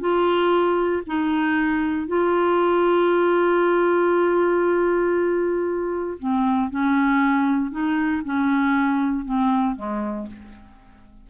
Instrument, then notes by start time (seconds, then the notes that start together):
clarinet
0.00 F4
1.07 D#4
2.07 F4
6.19 C4
6.70 C#4
7.71 D#4
8.24 C#4
9.25 C4
9.76 G#3